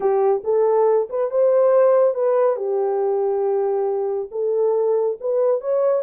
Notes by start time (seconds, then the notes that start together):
0.00 G4
0.44 A4
1.09 B4
1.30 C5
2.14 B4
2.56 G4
4.31 A4
5.20 B4
5.60 C#5